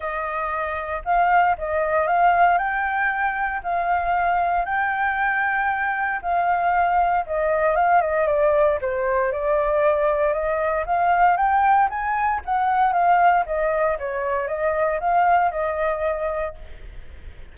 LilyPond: \new Staff \with { instrumentName = "flute" } { \time 4/4 \tempo 4 = 116 dis''2 f''4 dis''4 | f''4 g''2 f''4~ | f''4 g''2. | f''2 dis''4 f''8 dis''8 |
d''4 c''4 d''2 | dis''4 f''4 g''4 gis''4 | fis''4 f''4 dis''4 cis''4 | dis''4 f''4 dis''2 | }